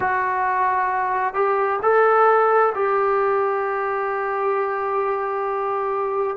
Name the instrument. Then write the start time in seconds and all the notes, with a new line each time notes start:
trombone
0.00 F#4
1.34 G4
1.82 A4
2.74 G4